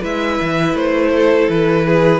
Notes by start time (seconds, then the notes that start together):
0.00 G#3 E4 B4 E5
0.41 E3
0.74 A3 C5
1.16 A4
1.49 E3 B4
1.87 G#4